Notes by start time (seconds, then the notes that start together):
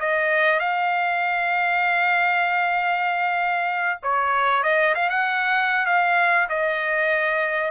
0.00 D#5
0.60 F5
4.03 C#5
4.63 D#5
4.95 F5
5.10 F#5
5.86 F5
6.49 D#5